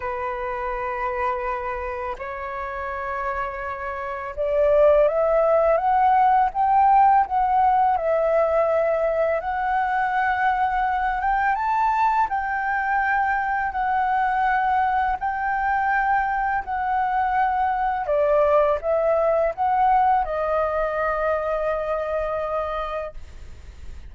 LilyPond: \new Staff \with { instrumentName = "flute" } { \time 4/4 \tempo 4 = 83 b'2. cis''4~ | cis''2 d''4 e''4 | fis''4 g''4 fis''4 e''4~ | e''4 fis''2~ fis''8 g''8 |
a''4 g''2 fis''4~ | fis''4 g''2 fis''4~ | fis''4 d''4 e''4 fis''4 | dis''1 | }